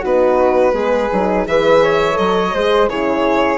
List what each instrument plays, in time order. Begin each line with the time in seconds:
0.00 bassoon B3, horn D#4, flute F#4, violin B4
0.73 bassoon G#3, horn B3, flute G#4
1.13 bassoon F#3, horn D#4
1.47 bassoon E3, horn G#4, flute B4, violin E5
1.83 flute C#5
2.14 bassoon F#3, horn A4, violin D#5
2.54 bassoon G#3, horn G#4, flute C5
2.89 bassoon C#3, horn E4, flute G#4, violin C#5